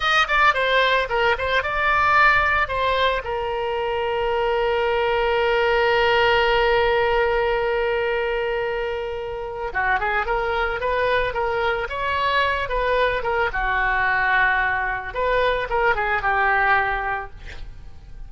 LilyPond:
\new Staff \with { instrumentName = "oboe" } { \time 4/4 \tempo 4 = 111 dis''8 d''8 c''4 ais'8 c''8 d''4~ | d''4 c''4 ais'2~ | ais'1~ | ais'1~ |
ais'2 fis'8 gis'8 ais'4 | b'4 ais'4 cis''4. b'8~ | b'8 ais'8 fis'2. | b'4 ais'8 gis'8 g'2 | }